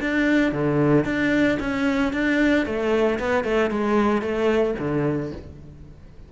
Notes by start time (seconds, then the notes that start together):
0.00 D4
0.52 D3
1.05 D4
1.59 C#4
2.12 D4
2.65 A3
3.19 B3
3.44 A3
3.70 G#3
4.21 A3
4.79 D3